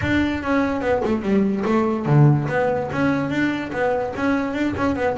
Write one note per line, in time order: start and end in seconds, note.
0.01 0.43 D4
0.43 0.81 C#4
0.81 1.01 B3
1.04 1.22 A3
1.22 1.63 G3
1.65 2.05 A3
2.05 2.47 D3
2.48 2.89 B3
2.92 3.30 C#4
3.30 3.71 D4
3.72 4.13 B3
4.16 4.53 C#4
4.53 4.74 D4
4.76 4.95 C#4
4.95 5.16 B3